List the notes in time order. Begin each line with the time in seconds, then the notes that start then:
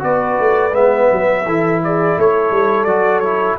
0.00 B3 F#4 B4 D5
0.39 A3
0.73 G#3 B3 E5
1.12 F#3
1.46 E3 E4 A4
1.84 G#4 D5
2.18 A3 A4 C#5
2.51 G3
2.85 F#3 F#4 D5
3.20 E4 C#5